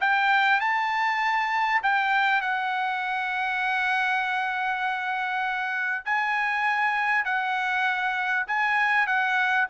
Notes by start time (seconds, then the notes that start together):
0.00 G5
0.60 A5
1.82 G5
2.40 F#5
6.05 G#5
7.24 F#5
8.47 G#5
9.06 F#5